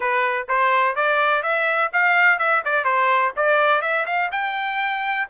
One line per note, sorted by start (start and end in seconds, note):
0.00 0.47 B4
0.48 0.95 C5
0.95 1.42 D5
1.42 1.90 E5
1.92 2.38 F5
2.38 2.62 E5
2.64 2.84 D5
2.84 3.32 C5
3.36 3.81 D5
3.81 4.05 E5
4.06 4.30 F5
4.31 5.27 G5